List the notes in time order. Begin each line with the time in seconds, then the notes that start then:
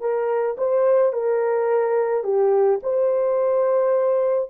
0.00 A#4
0.57 C5
1.12 A#4
2.24 G4
2.82 C5